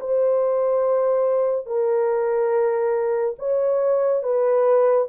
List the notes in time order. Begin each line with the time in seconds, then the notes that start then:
0.00 C5
1.66 A#4
3.38 C#5
4.23 B4